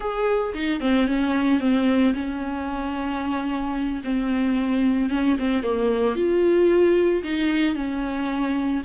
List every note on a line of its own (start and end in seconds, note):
0.00 0.53 G#4
0.54 0.80 D#4
0.80 1.07 C4
1.07 1.60 C#4
1.60 2.13 C4
2.14 4.01 C#4
4.03 5.09 C4
5.09 5.36 C#4
5.38 5.62 C4
5.62 6.15 A#3
6.15 7.22 F4
7.23 7.75 D#4
7.75 8.82 C#4